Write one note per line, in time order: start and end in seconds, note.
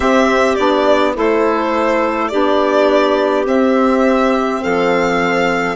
0.00 0.56 C4
0.00 0.57 C4
0.00 1.14 G4
0.00 0.55 E5
0.55 1.16 B3
0.55 1.14 D4
0.55 1.12 D5
1.14 2.32 A3
1.14 2.29 E4
1.14 2.31 A4
1.14 2.28 C5
2.28 3.46 B3
2.28 3.44 D4
2.28 4.62 G4
2.28 3.43 D5
3.44 5.75 C4
3.44 4.62 C4
3.44 4.63 E5
4.62 5.75 F3
4.62 5.75 A4
4.62 5.75 F5